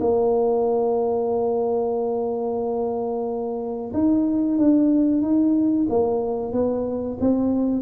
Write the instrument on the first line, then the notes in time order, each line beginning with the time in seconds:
tuba
0.00 A#3
3.93 D#4
4.58 D4
5.21 D#4
5.89 A#3
6.52 B3
7.20 C4